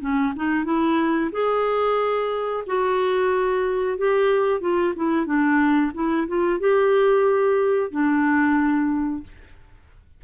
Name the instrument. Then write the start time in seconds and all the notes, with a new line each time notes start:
clarinet
0.00 C#4
0.35 D#4
0.64 E4
1.32 G#4
2.66 F#4
3.98 G4
4.60 F4
4.96 E4
5.26 D4
5.94 E4
6.28 F4
6.59 G4
7.91 D4